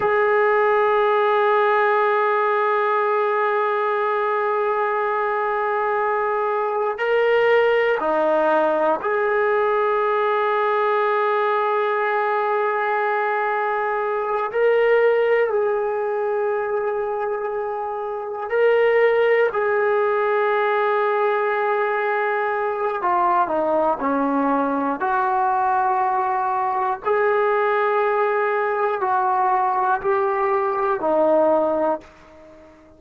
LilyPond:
\new Staff \with { instrumentName = "trombone" } { \time 4/4 \tempo 4 = 60 gis'1~ | gis'2. ais'4 | dis'4 gis'2.~ | gis'2~ gis'8 ais'4 gis'8~ |
gis'2~ gis'8 ais'4 gis'8~ | gis'2. f'8 dis'8 | cis'4 fis'2 gis'4~ | gis'4 fis'4 g'4 dis'4 | }